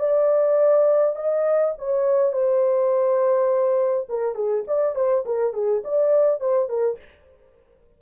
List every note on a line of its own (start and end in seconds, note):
0.00 1.16 D5
1.16 1.74 D#5
1.79 2.33 C#5
2.33 4.08 C5
4.09 4.36 A#4
4.36 4.65 G#4
4.68 4.96 D5
4.96 5.25 C5
5.26 5.54 A#4
5.54 5.83 G#4
5.85 6.40 D5
6.40 6.69 C5
6.69 6.98 A#4